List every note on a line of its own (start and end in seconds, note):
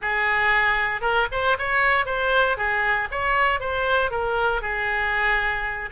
0.01 1.01 G#4
1.01 1.26 A#4
1.31 1.57 C5
1.58 2.05 C#5
2.05 2.57 C5
2.57 3.08 G#4
3.11 3.59 C#5
3.59 4.10 C5
4.10 4.61 A#4
4.61 5.90 G#4